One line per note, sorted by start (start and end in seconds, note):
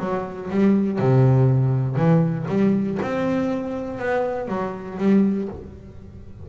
0.00 0.50 F#3
0.50 0.99 G3
0.99 1.96 C3
1.96 2.46 E3
2.49 2.99 G3
3.02 3.99 C4
3.99 4.48 B3
4.48 4.98 F#3
4.99 5.49 G3